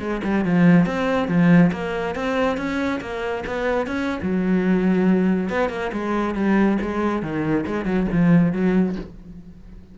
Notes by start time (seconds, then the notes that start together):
0.00 G#3
0.24 G3
0.45 F3
0.87 C4
1.28 F3
1.72 A#3
2.15 C4
2.57 C#4
3.01 A#3
3.47 B3
3.87 C#4
4.23 F#3
5.50 B3
5.70 A#3
5.93 G#3
6.35 G3
6.82 G#3
7.23 D#3
7.67 G#3
7.86 F#3
8.12 F3
8.53 F#3